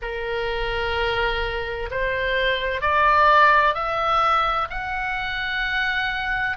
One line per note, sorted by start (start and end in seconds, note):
0.02 1.89 A#4
1.90 2.81 C5
2.81 3.74 D5
3.74 4.67 E5
4.70 6.57 F#5